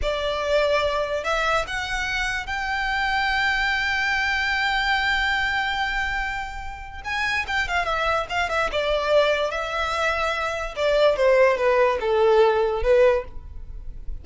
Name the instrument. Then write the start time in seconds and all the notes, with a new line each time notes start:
violin
0.02 D5
1.23 E5
1.67 F#5
2.46 G5
7.04 G#5
7.47 G5
7.67 F5
7.85 E5
8.29 F5
8.49 E5
8.71 D5
9.50 E5
10.75 D5
11.16 C5
11.57 B4
12.00 A4
12.83 B4